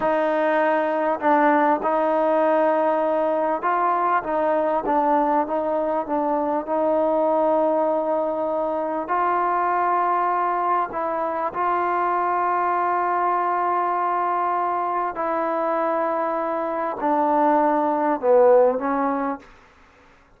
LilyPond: \new Staff \with { instrumentName = "trombone" } { \time 4/4 \tempo 4 = 99 dis'2 d'4 dis'4~ | dis'2 f'4 dis'4 | d'4 dis'4 d'4 dis'4~ | dis'2. f'4~ |
f'2 e'4 f'4~ | f'1~ | f'4 e'2. | d'2 b4 cis'4 | }